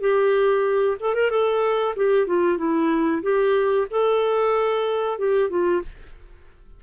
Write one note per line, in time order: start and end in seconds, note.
0.00 0.97 G4
1.00 1.14 A4
1.14 1.30 A#4
1.30 1.94 A4
1.96 2.26 G4
2.26 2.57 F4
2.57 3.22 E4
3.22 3.87 G4
3.90 5.18 A4
5.18 5.49 G4
5.49 5.82 F4